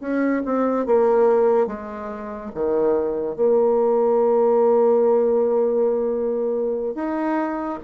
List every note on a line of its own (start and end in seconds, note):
0.00 0.42 C#4
0.45 0.86 C4
0.86 1.66 A#3
1.66 2.51 G#3
2.54 3.36 D#3
3.36 6.94 A#3
6.94 7.79 D#4